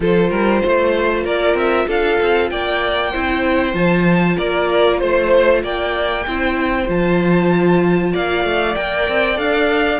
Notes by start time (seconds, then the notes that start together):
0.00 F3 F4 A4 C5
0.29 G3 A#4
0.62 A3 C5
1.24 A#3 A#4 D5
1.54 C4 E5
1.87 D4 A4 F5
2.21 C4
2.50 A#3 D5 G5
3.11 C4 E4 C5
3.73 F3 F4 A5
4.37 A#3 A#4 D5
4.98 A3 C5
5.63 A#3 D5 G5
6.26 C4 E4 C5
6.87 F3 F4 A5
8.12 A#3 D5 F5
8.44 A3
8.75 A#3 A#4 G5
9.08 C4
9.35 D4 A4 F5